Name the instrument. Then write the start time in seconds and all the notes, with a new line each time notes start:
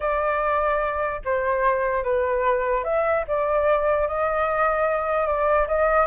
flute
0.00 D5
1.24 C5
2.03 B4
2.84 E5
3.27 D5
4.07 D#5
5.26 D5
5.67 D#5